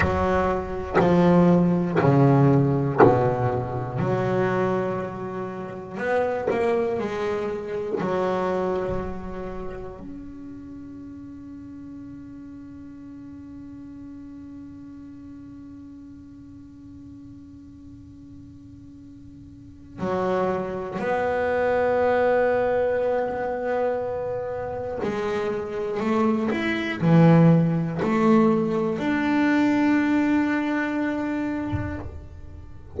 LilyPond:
\new Staff \with { instrumentName = "double bass" } { \time 4/4 \tempo 4 = 60 fis4 f4 cis4 b,4 | fis2 b8 ais8 gis4 | fis2 cis'2~ | cis'1~ |
cis'1 | fis4 b2.~ | b4 gis4 a8 e'8 e4 | a4 d'2. | }